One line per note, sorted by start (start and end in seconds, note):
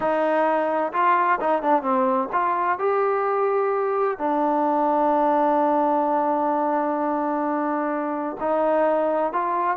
0.00 0.92 D#4
0.92 1.39 F4
1.40 1.62 D#4
1.62 1.82 D4
1.82 2.28 C4
2.32 2.78 F4
2.79 4.18 G4
4.18 8.37 D4
8.40 9.33 D#4
9.33 9.77 F4